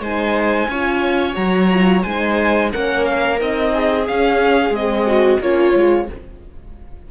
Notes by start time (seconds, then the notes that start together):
0.00 G#3 D#4 C5 G#5
0.69 C#4 F4 C#5
1.34 F#3 F#4 A#5
1.71 F4
2.03 G#3 D#4 C5 G#5
2.72 A#3 C#4 A#4 F#5
3.05 F5
3.38 C4 D#4 D#5
3.74 G#4
4.07 C#4 F5
4.70 G#3 C4 D#5
5.07 F#4
5.40 A#3 C#4 F4 C#5
5.75 G#3 F4